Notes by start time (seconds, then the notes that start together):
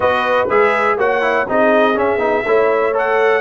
0.00 B3 F#4 B4 D#5
0.49 G#3 G#4 E5
0.97 A#3 F#4 C#5 F#5
1.21 E4
1.48 C4 D#4 G#4 D#5
1.94 C#4 E5
2.17 B3 D#4
2.45 A3 E4 C#5
2.92 A4 F#5